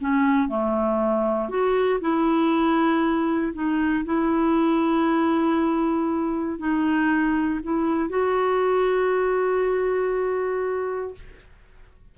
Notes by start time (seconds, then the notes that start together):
0.00 C#4
0.48 A3
1.49 F#4
2.00 E4
3.53 D#4
4.04 E4
6.58 D#4
7.63 E4
8.09 F#4